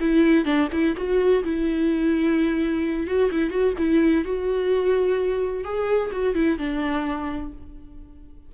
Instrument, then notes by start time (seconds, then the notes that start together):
viola
0.00 E4
0.45 D4
0.72 E4
0.96 F#4
1.44 E4
3.07 F#4
3.31 E4
3.50 F#4
3.78 E4
4.24 F#4
5.64 G#4
6.12 F#4
6.35 E4
6.58 D4